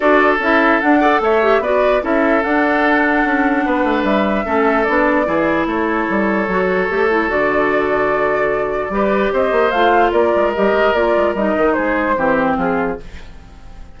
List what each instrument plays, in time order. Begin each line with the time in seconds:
0.00 bassoon D4, clarinet F#4, oboe A4, flute D5
0.39 bassoon C#4, clarinet E4, flute E5
0.80 clarinet D4, bassoon D4, flute F#5
0.99 clarinet A4, oboe D5
1.20 bassoon A3, oboe C#5, flute E5
1.42 clarinet G4
1.59 bassoon B3, clarinet F#4, oboe B4, flute D5
2.01 bassoon C#4, clarinet E4, oboe A4, flute E5
2.43 bassoon D4, clarinet D4, flute F#5
3.24 bassoon C#4
3.65 bassoon B3, oboe B4
3.84 bassoon A3
4.03 bassoon G3, flute E5
4.44 bassoon A3, clarinet C#4, oboe A4
4.84 bassoon B3, clarinet D4, flute D5
5.25 bassoon E3, clarinet E4, oboe G#4
5.65 bassoon A3, oboe A4, flute C#5
6.10 bassoon G3
6.48 bassoon F#3, clarinet F#4
6.89 bassoon A3, clarinet G4
7.10 clarinet E4
7.28 bassoon D3, clarinet F#4, flute D5
8.89 bassoon G3, clarinet G4, oboe B4
9.32 bassoon C4, oboe C5, flute D#5
9.51 bassoon A#3
9.71 bassoon A3, clarinet F4, flute F5
10.11 bassoon A#3, oboe A#4, flute D5
10.35 bassoon G#3
10.54 bassoon G3, clarinet G4, flute D#5
10.72 bassoon G#3
10.93 bassoon A#3, clarinet F4, flute D5
11.16 bassoon G#3
11.34 bassoon G3, clarinet D#4, flute D#5
11.57 bassoon D#3
11.73 bassoon G#3, oboe G#4, flute C5
12.16 bassoon E3, clarinet C4, oboe G4
12.57 bassoon F3, oboe F4, flute G#4